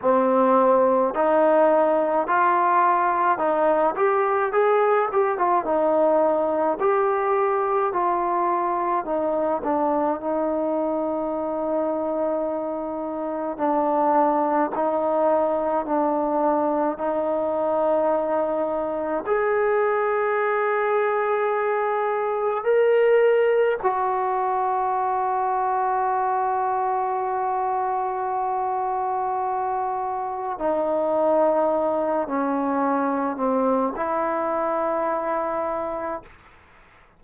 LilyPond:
\new Staff \with { instrumentName = "trombone" } { \time 4/4 \tempo 4 = 53 c'4 dis'4 f'4 dis'8 g'8 | gis'8 g'16 f'16 dis'4 g'4 f'4 | dis'8 d'8 dis'2. | d'4 dis'4 d'4 dis'4~ |
dis'4 gis'2. | ais'4 fis'2.~ | fis'2. dis'4~ | dis'8 cis'4 c'8 e'2 | }